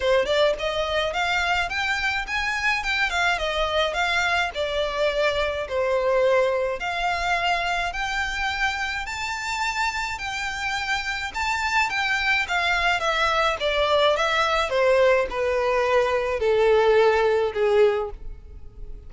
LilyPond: \new Staff \with { instrumentName = "violin" } { \time 4/4 \tempo 4 = 106 c''8 d''8 dis''4 f''4 g''4 | gis''4 g''8 f''8 dis''4 f''4 | d''2 c''2 | f''2 g''2 |
a''2 g''2 | a''4 g''4 f''4 e''4 | d''4 e''4 c''4 b'4~ | b'4 a'2 gis'4 | }